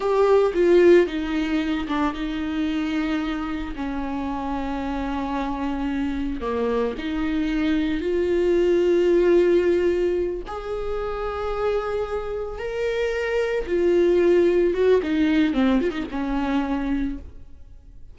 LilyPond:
\new Staff \with { instrumentName = "viola" } { \time 4/4 \tempo 4 = 112 g'4 f'4 dis'4. d'8 | dis'2. cis'4~ | cis'1 | ais4 dis'2 f'4~ |
f'2.~ f'8 gis'8~ | gis'2.~ gis'8 ais'8~ | ais'4. f'2 fis'8 | dis'4 c'8 f'16 dis'16 cis'2 | }